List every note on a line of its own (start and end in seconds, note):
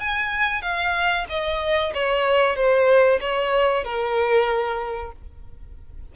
0.00 0.62 G#5
0.62 1.26 F5
1.29 1.93 D#5
1.94 2.56 C#5
2.56 3.20 C5
3.21 3.84 C#5
3.84 5.12 A#4